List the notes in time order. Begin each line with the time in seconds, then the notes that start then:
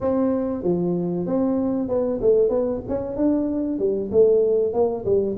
0.00 C4
0.63 F3
1.26 C4
1.88 B3
2.21 A3
2.49 B3
2.88 C#4
3.16 D4
3.78 G3
4.11 A3
4.73 A#3
5.05 G3